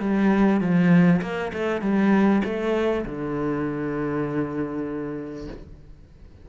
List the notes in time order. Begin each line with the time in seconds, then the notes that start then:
0.00 G3
0.61 F3
1.22 A#3
1.53 A3
1.82 G3
2.44 A3
3.06 D3